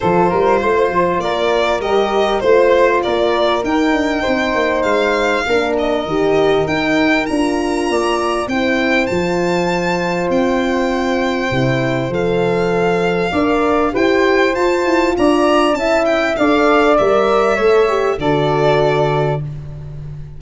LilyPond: <<
  \new Staff \with { instrumentName = "violin" } { \time 4/4 \tempo 4 = 99 c''2 d''4 dis''4 | c''4 d''4 g''2 | f''4. dis''4. g''4 | ais''2 g''4 a''4~ |
a''4 g''2. | f''2. g''4 | a''4 ais''4 a''8 g''8 f''4 | e''2 d''2 | }
  \new Staff \with { instrumentName = "flute" } { \time 4/4 a'8 ais'8 c''4 ais'2 | c''4 ais'2 c''4~ | c''4 ais'2.~ | ais'4 d''4 c''2~ |
c''1~ | c''2 d''4 c''4~ | c''4 d''4 e''4 d''4~ | d''4 cis''4 a'2 | }
  \new Staff \with { instrumentName = "horn" } { \time 4/4 f'2. g'4 | f'2 dis'2~ | dis'4 d'4 g'4 dis'4 | f'2 e'4 f'4~ |
f'2. e'4 | a'2 ais'4 g'4 | f'2 e'4 a'4 | ais'4 a'8 g'8 fis'2 | }
  \new Staff \with { instrumentName = "tuba" } { \time 4/4 f8 g8 a8 f8 ais4 g4 | a4 ais4 dis'8 d'8 c'8 ais8 | gis4 ais4 dis4 dis'4 | d'4 ais4 c'4 f4~ |
f4 c'2 c4 | f2 d'4 e'4 | f'8 e'8 d'4 cis'4 d'4 | g4 a4 d2 | }
>>